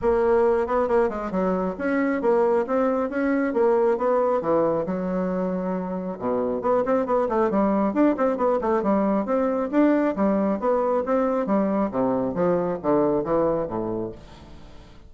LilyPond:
\new Staff \with { instrumentName = "bassoon" } { \time 4/4 \tempo 4 = 136 ais4. b8 ais8 gis8 fis4 | cis'4 ais4 c'4 cis'4 | ais4 b4 e4 fis4~ | fis2 b,4 b8 c'8 |
b8 a8 g4 d'8 c'8 b8 a8 | g4 c'4 d'4 g4 | b4 c'4 g4 c4 | f4 d4 e4 a,4 | }